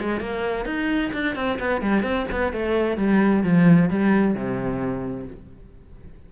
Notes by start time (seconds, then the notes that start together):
0.00 G#3
0.20 A#3
0.65 D#4
1.13 D4
1.36 C4
1.60 B3
1.82 G3
2.03 C4
2.32 B3
2.53 A3
2.97 G3
3.44 F3
3.90 G3
4.35 C3